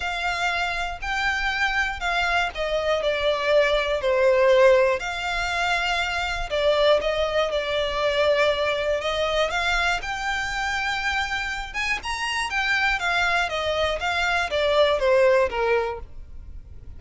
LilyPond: \new Staff \with { instrumentName = "violin" } { \time 4/4 \tempo 4 = 120 f''2 g''2 | f''4 dis''4 d''2 | c''2 f''2~ | f''4 d''4 dis''4 d''4~ |
d''2 dis''4 f''4 | g''2.~ g''8 gis''8 | ais''4 g''4 f''4 dis''4 | f''4 d''4 c''4 ais'4 | }